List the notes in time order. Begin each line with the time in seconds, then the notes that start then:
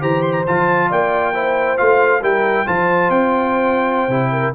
0.00 E3 G4 C5 A#5
0.22 C6
0.33 A#5
0.47 F3 F4 A5
0.90 A#3 D5 G5
1.34 E4 C5
1.77 A3 F4 F5
2.21 G3 E4 A#4 G5
2.66 F3 F4 C5 A5
3.10 C4 G5
4.08 C3 E4
4.32 A#4